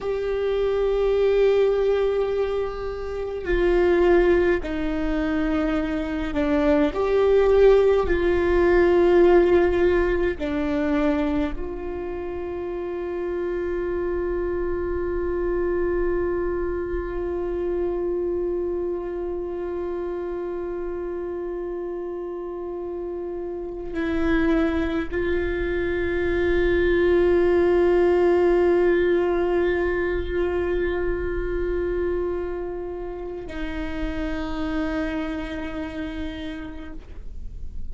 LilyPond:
\new Staff \with { instrumentName = "viola" } { \time 4/4 \tempo 4 = 52 g'2. f'4 | dis'4. d'8 g'4 f'4~ | f'4 d'4 f'2~ | f'1~ |
f'1~ | f'8. e'4 f'2~ f'16~ | f'1~ | f'4 dis'2. | }